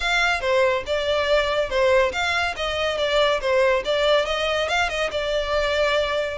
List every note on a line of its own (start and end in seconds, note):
0.00 0.40 F5
0.40 0.83 C5
0.86 1.69 D5
1.69 2.12 C5
2.12 2.55 F5
2.56 2.97 D#5
2.97 3.40 D5
3.40 3.83 C5
3.84 4.25 D5
4.25 4.68 D#5
4.68 4.89 F5
4.89 5.10 D#5
5.11 6.38 D5